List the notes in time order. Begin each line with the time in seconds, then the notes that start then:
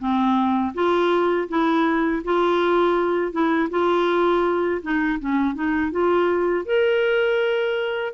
0.00 C4
0.75 F4
1.49 E4
2.25 F4
3.32 E4
3.71 F4
4.82 D#4
5.20 C#4
5.55 D#4
5.92 F4
6.66 A#4